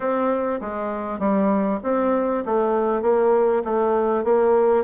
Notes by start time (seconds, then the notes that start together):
0.00 C4
0.60 G#3
1.19 G3
1.83 C4
2.45 A3
3.02 A#3
3.64 A3
4.24 A#3